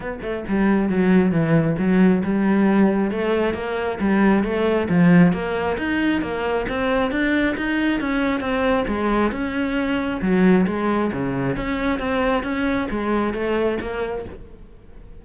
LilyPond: \new Staff \with { instrumentName = "cello" } { \time 4/4 \tempo 4 = 135 b8 a8 g4 fis4 e4 | fis4 g2 a4 | ais4 g4 a4 f4 | ais4 dis'4 ais4 c'4 |
d'4 dis'4 cis'4 c'4 | gis4 cis'2 fis4 | gis4 cis4 cis'4 c'4 | cis'4 gis4 a4 ais4 | }